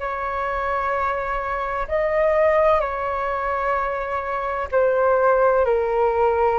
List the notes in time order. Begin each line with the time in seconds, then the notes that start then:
0.00 C#5
1.88 D#5
2.81 C#5
4.72 C5
5.65 A#4